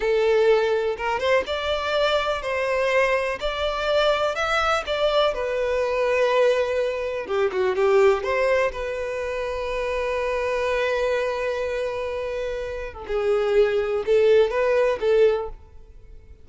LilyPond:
\new Staff \with { instrumentName = "violin" } { \time 4/4 \tempo 4 = 124 a'2 ais'8 c''8 d''4~ | d''4 c''2 d''4~ | d''4 e''4 d''4 b'4~ | b'2. g'8 fis'8 |
g'4 c''4 b'2~ | b'1~ | b'2~ b'8. a'16 gis'4~ | gis'4 a'4 b'4 a'4 | }